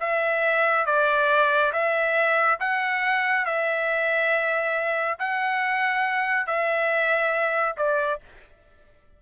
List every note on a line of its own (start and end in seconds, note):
0.00 0.86 E5
0.86 1.72 D5
1.73 2.59 E5
2.60 3.46 F#5
3.46 5.19 E5
5.19 6.47 F#5
6.47 7.76 E5
7.78 8.21 D5